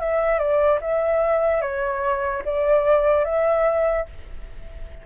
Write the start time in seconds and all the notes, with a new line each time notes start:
0.00 E5
0.39 D5
0.81 E5
1.61 C#5
2.45 D5
3.25 E5